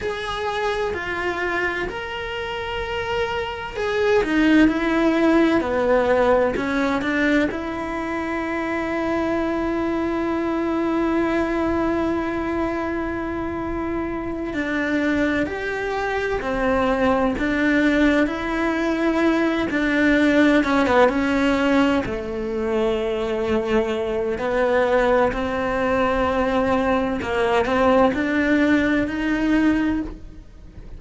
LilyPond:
\new Staff \with { instrumentName = "cello" } { \time 4/4 \tempo 4 = 64 gis'4 f'4 ais'2 | gis'8 dis'8 e'4 b4 cis'8 d'8 | e'1~ | e'2.~ e'8 d'8~ |
d'8 g'4 c'4 d'4 e'8~ | e'4 d'4 cis'16 b16 cis'4 a8~ | a2 b4 c'4~ | c'4 ais8 c'8 d'4 dis'4 | }